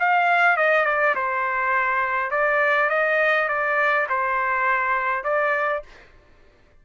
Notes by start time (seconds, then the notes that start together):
0.00 F5
0.57 D#5
0.86 D5
1.16 C5
2.31 D5
2.90 D#5
3.49 D5
4.10 C5
5.24 D5